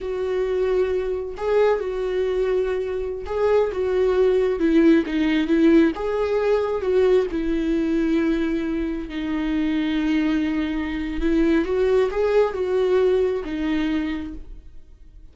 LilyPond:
\new Staff \with { instrumentName = "viola" } { \time 4/4 \tempo 4 = 134 fis'2. gis'4 | fis'2.~ fis'16 gis'8.~ | gis'16 fis'2 e'4 dis'8.~ | dis'16 e'4 gis'2 fis'8.~ |
fis'16 e'2.~ e'8.~ | e'16 dis'2.~ dis'8.~ | dis'4 e'4 fis'4 gis'4 | fis'2 dis'2 | }